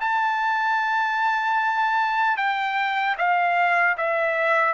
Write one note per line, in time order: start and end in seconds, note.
0.00 2.37 A5
2.37 3.16 G5
3.18 3.97 F5
3.98 4.74 E5